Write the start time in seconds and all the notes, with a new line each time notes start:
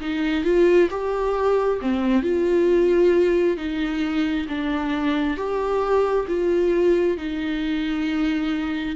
0.00 D#4
0.44 F4
0.90 G4
1.81 C4
2.22 F4
3.57 D#4
4.48 D4
5.36 G4
6.27 F4
7.17 D#4